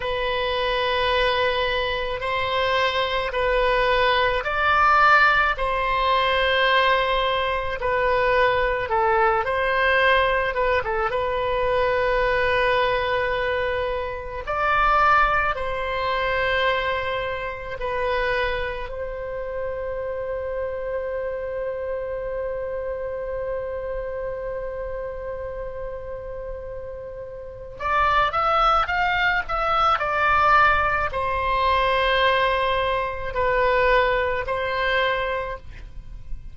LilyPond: \new Staff \with { instrumentName = "oboe" } { \time 4/4 \tempo 4 = 54 b'2 c''4 b'4 | d''4 c''2 b'4 | a'8 c''4 b'16 a'16 b'2~ | b'4 d''4 c''2 |
b'4 c''2.~ | c''1~ | c''4 d''8 e''8 f''8 e''8 d''4 | c''2 b'4 c''4 | }